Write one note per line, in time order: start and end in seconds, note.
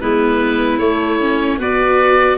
0.00 0.78 G#3
0.00 0.80 B3
0.00 1.57 E4
0.00 0.78 B4
0.78 1.58 A3
0.78 1.20 A3
0.78 1.58 C#5
1.20 1.60 C#4
1.57 2.38 B3
1.57 2.38 F#4
1.57 2.37 B4
1.57 2.38 D5